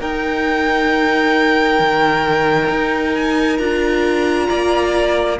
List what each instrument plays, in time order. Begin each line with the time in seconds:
0.00 viola D#4, cello D#4, violin A#4 G5
1.80 cello D#3
2.70 cello D#4
3.15 violin G#5
3.58 cello D4, viola F4, violin A#5
4.49 cello A#3, violin D5